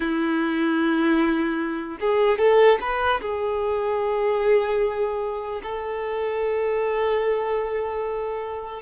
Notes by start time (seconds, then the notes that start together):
0.00 E4
2.00 G#4
2.38 A4
2.80 B4
3.21 G#4
5.62 A4